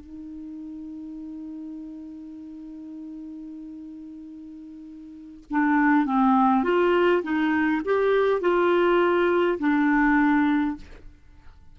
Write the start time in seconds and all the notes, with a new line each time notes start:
0.00 D#4
5.50 D4
6.06 C4
6.64 F4
7.23 D#4
7.85 G4
8.41 F4
9.59 D4